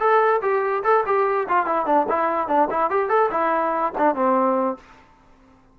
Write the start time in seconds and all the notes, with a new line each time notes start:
0.00 A4
0.42 G4
0.84 A4
1.07 G4
1.49 F4
1.66 E4
1.86 D4
2.09 E4
2.48 D4
2.71 E4
2.91 G4
3.09 A4
3.31 E4
3.98 D4
4.15 C4